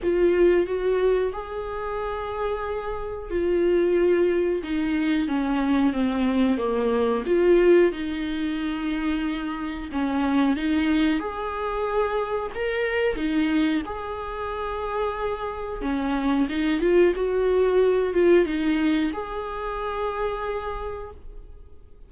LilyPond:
\new Staff \with { instrumentName = "viola" } { \time 4/4 \tempo 4 = 91 f'4 fis'4 gis'2~ | gis'4 f'2 dis'4 | cis'4 c'4 ais4 f'4 | dis'2. cis'4 |
dis'4 gis'2 ais'4 | dis'4 gis'2. | cis'4 dis'8 f'8 fis'4. f'8 | dis'4 gis'2. | }